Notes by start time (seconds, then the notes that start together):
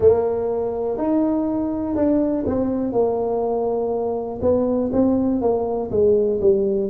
0.00 A#3
0.97 D#4
1.95 D4
2.46 C4
2.92 A#3
4.41 B3
4.92 C4
5.41 A#3
5.90 G#3
6.41 G3